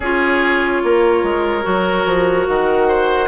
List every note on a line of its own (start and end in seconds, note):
0.00 0.82 C#4
0.00 1.62 F4
0.00 0.82 G#4
0.00 2.48 C#5
0.83 1.23 A#3
0.83 2.87 A#4
1.23 1.64 G#3
1.62 2.05 F#3
1.62 3.26 F#4
2.05 2.46 F3
2.47 3.28 D#3
2.47 3.28 F#5
2.87 3.28 C5